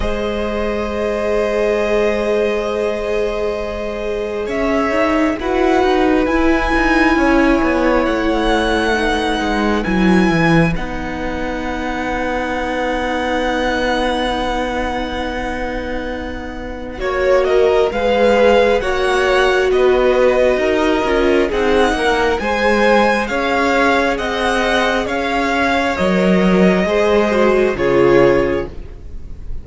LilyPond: <<
  \new Staff \with { instrumentName = "violin" } { \time 4/4 \tempo 4 = 67 dis''1~ | dis''4 e''4 fis''4 gis''4~ | gis''4 fis''2 gis''4 | fis''1~ |
fis''2. cis''8 dis''8 | f''4 fis''4 dis''2 | fis''4 gis''4 f''4 fis''4 | f''4 dis''2 cis''4 | }
  \new Staff \with { instrumentName = "violin" } { \time 4/4 c''1~ | c''4 cis''4 b'2 | cis''2 b'2~ | b'1~ |
b'2. cis''8 ais'8 | b'4 cis''4 b'4 ais'4 | gis'8 ais'8 c''4 cis''4 dis''4 | cis''2 c''4 gis'4 | }
  \new Staff \with { instrumentName = "viola" } { \time 4/4 gis'1~ | gis'2 fis'4 e'4~ | e'2 dis'4 e'4 | dis'1~ |
dis'2. fis'4 | gis'4 fis'2~ fis'8 f'8 | dis'4 gis'2.~ | gis'4 ais'4 gis'8 fis'8 f'4 | }
  \new Staff \with { instrumentName = "cello" } { \time 4/4 gis1~ | gis4 cis'8 dis'8 e'8 dis'8 e'8 dis'8 | cis'8 b8 a4. gis8 fis8 e8 | b1~ |
b2. ais4 | gis4 ais4 b4 dis'8 cis'8 | c'8 ais8 gis4 cis'4 c'4 | cis'4 fis4 gis4 cis4 | }
>>